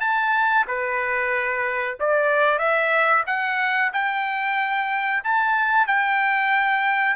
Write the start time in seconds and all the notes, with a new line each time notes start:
0.00 A5
0.67 B4
2.00 D5
2.58 E5
3.26 F#5
3.93 G5
5.24 A5
5.87 G5